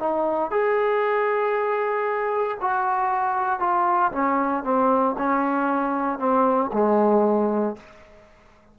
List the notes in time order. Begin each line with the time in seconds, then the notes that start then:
0.00 D#4
0.51 G#4
2.61 F#4
3.60 F4
4.13 C#4
4.64 C4
5.19 C#4
6.20 C4
6.73 G#3